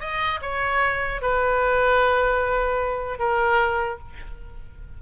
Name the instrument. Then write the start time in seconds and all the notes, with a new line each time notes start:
oboe
0.00 D#5
0.42 C#5
1.22 B4
3.19 A#4